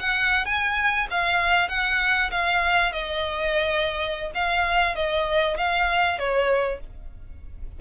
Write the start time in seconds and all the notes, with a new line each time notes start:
0.00 F#5
0.46 G#5
1.10 F5
1.69 F#5
2.31 F5
2.92 D#5
4.34 F5
4.95 D#5
5.57 F5
6.19 C#5